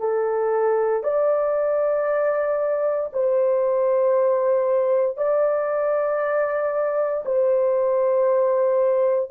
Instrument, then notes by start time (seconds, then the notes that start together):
horn
0.00 A4
1.03 D5
3.13 C5
5.17 D5
7.26 C5